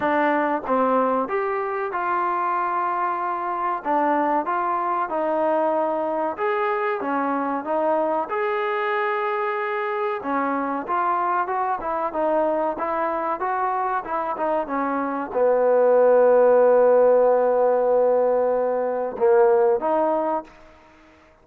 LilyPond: \new Staff \with { instrumentName = "trombone" } { \time 4/4 \tempo 4 = 94 d'4 c'4 g'4 f'4~ | f'2 d'4 f'4 | dis'2 gis'4 cis'4 | dis'4 gis'2. |
cis'4 f'4 fis'8 e'8 dis'4 | e'4 fis'4 e'8 dis'8 cis'4 | b1~ | b2 ais4 dis'4 | }